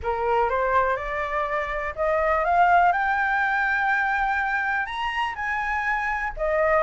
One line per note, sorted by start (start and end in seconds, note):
0.02 0.49 A#4
0.49 0.96 C5
0.96 1.94 D5
1.95 2.44 D#5
2.44 2.92 F5
2.92 4.86 G5
4.86 5.34 A#5
5.35 6.32 G#5
6.36 6.83 D#5